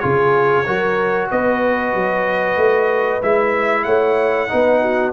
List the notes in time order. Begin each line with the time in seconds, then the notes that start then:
0.00 C#3 F4 G#4 C#5
0.65 F#3 F#4 A#4
1.31 B3 B4 D#5
1.95 F#3
2.57 A3
3.22 G#3 E4 E5
3.84 A3 C#5 F#5
4.49 B3 D#4 B4
4.82 F#4